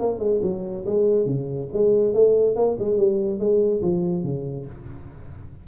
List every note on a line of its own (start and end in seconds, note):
0.00 0.19 A#3
0.19 0.40 G#3
0.43 0.85 F#3
0.86 1.26 G#3
1.26 1.68 C#3
1.73 2.14 G#3
2.14 2.56 A3
2.56 2.77 A#3
2.79 2.98 G#3
2.98 3.40 G3
3.40 3.82 G#3
3.82 4.24 F3
4.24 4.66 C#3